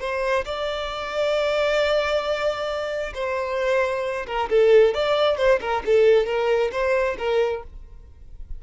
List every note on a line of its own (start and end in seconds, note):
0.00 0.45 C5
0.45 3.13 D5
3.14 4.26 C5
4.27 4.49 A#4
4.50 4.94 A4
4.94 5.37 D5
5.37 5.60 C5
5.61 5.83 A#4
5.86 6.26 A4
6.26 6.71 A#4
6.72 7.17 C5
7.18 7.63 A#4